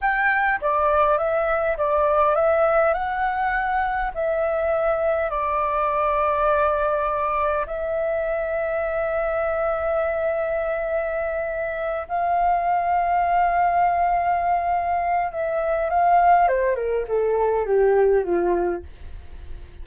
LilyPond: \new Staff \with { instrumentName = "flute" } { \time 4/4 \tempo 4 = 102 g''4 d''4 e''4 d''4 | e''4 fis''2 e''4~ | e''4 d''2.~ | d''4 e''2.~ |
e''1~ | e''8 f''2.~ f''8~ | f''2 e''4 f''4 | c''8 ais'8 a'4 g'4 f'4 | }